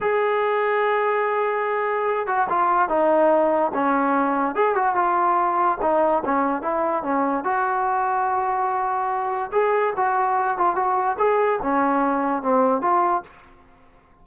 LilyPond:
\new Staff \with { instrumentName = "trombone" } { \time 4/4 \tempo 4 = 145 gis'1~ | gis'4. fis'8 f'4 dis'4~ | dis'4 cis'2 gis'8 fis'8 | f'2 dis'4 cis'4 |
e'4 cis'4 fis'2~ | fis'2. gis'4 | fis'4. f'8 fis'4 gis'4 | cis'2 c'4 f'4 | }